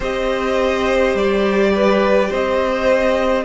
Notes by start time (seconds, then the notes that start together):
0.00 C4 G4 C5 D#5
1.14 G3 D5
1.75 B4
2.28 C4 C5 D#5